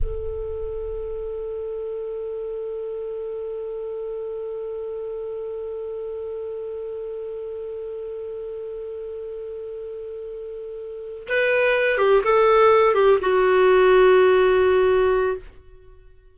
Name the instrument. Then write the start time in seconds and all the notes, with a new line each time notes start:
clarinet
0.02 A4
11.28 B4
11.98 G4
12.24 A4
12.94 G4
13.21 F#4